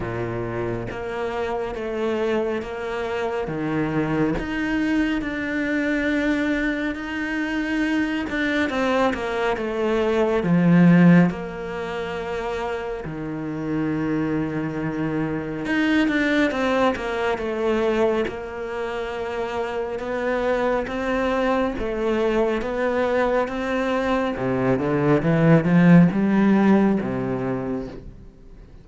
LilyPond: \new Staff \with { instrumentName = "cello" } { \time 4/4 \tempo 4 = 69 ais,4 ais4 a4 ais4 | dis4 dis'4 d'2 | dis'4. d'8 c'8 ais8 a4 | f4 ais2 dis4~ |
dis2 dis'8 d'8 c'8 ais8 | a4 ais2 b4 | c'4 a4 b4 c'4 | c8 d8 e8 f8 g4 c4 | }